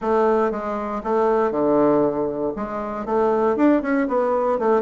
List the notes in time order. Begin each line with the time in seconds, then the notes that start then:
0.01 A3
0.51 G#3
1.03 A3
1.51 D3
2.55 G#3
3.05 A3
3.56 D4
3.82 C#4
4.07 B3
4.58 A3